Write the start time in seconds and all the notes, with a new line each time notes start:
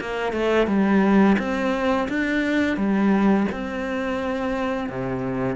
0.00 A#3
0.32 A3
0.67 G3
1.38 C4
2.08 D4
2.77 G3
3.51 C4
4.89 C3